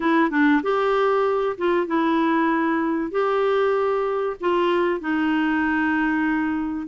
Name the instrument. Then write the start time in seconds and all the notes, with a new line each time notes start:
clarinet
0.00 E4
0.30 D4
0.62 G4
1.57 F4
1.86 E4
3.11 G4
4.40 F4
5.00 D#4